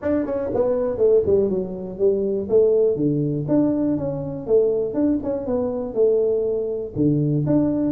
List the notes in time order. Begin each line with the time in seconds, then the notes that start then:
0.02 D4
0.25 C#4
0.54 B3
0.97 A3
1.26 G3
1.49 F#3
1.98 G3
2.49 A3
2.96 D3
3.48 D4
3.97 C#4
4.47 A3
4.94 D4
5.23 C#4
5.46 B3
5.94 A3
6.95 D3
7.46 D4